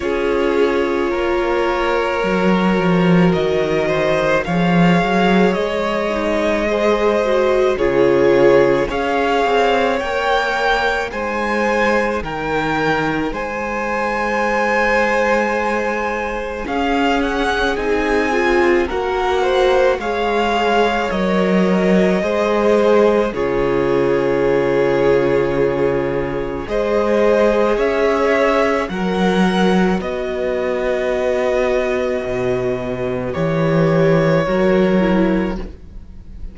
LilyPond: <<
  \new Staff \with { instrumentName = "violin" } { \time 4/4 \tempo 4 = 54 cis''2. dis''4 | f''4 dis''2 cis''4 | f''4 g''4 gis''4 g''4 | gis''2. f''8 fis''8 |
gis''4 fis''4 f''4 dis''4~ | dis''4 cis''2. | dis''4 e''4 fis''4 dis''4~ | dis''2 cis''2 | }
  \new Staff \with { instrumentName = "violin" } { \time 4/4 gis'4 ais'2~ ais'8 c''8 | cis''2 c''4 gis'4 | cis''2 c''4 ais'4 | c''2. gis'4~ |
gis'4 ais'8 c''8 cis''2 | c''4 gis'2. | c''4 cis''4 ais'4 b'4~ | b'2. ais'4 | }
  \new Staff \with { instrumentName = "viola" } { \time 4/4 f'2 fis'2 | gis'4. dis'8 gis'8 fis'8 f'4 | gis'4 ais'4 dis'2~ | dis'2. cis'4 |
dis'8 f'8 fis'4 gis'4 ais'4 | gis'4 f'2. | gis'2 ais'4 fis'4~ | fis'2 g'4 fis'8 e'8 | }
  \new Staff \with { instrumentName = "cello" } { \time 4/4 cis'4 ais4 fis8 f8 dis4 | f8 fis8 gis2 cis4 | cis'8 c'8 ais4 gis4 dis4 | gis2. cis'4 |
c'4 ais4 gis4 fis4 | gis4 cis2. | gis4 cis'4 fis4 b4~ | b4 b,4 e4 fis4 | }
>>